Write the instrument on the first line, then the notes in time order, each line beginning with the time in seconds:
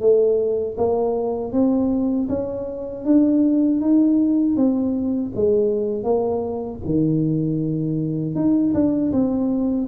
tuba
0.00 A3
0.77 A#3
1.52 C4
2.28 C#4
3.04 D4
3.80 D#4
4.56 C4
5.35 G#3
6.03 A#3
6.85 D#3
8.35 D#4
8.73 D4
9.12 C4